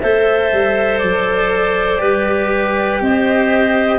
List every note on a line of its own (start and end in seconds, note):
0.00 0.52 A3
0.00 1.98 A4
0.00 2.01 C5
0.00 0.98 E5
0.52 1.02 G3
0.98 2.01 F#3
0.98 2.98 D5
1.98 3.01 G3
1.98 3.98 G4
1.98 3.01 B4
3.01 3.98 C4
3.01 3.98 C5
3.01 3.98 D#5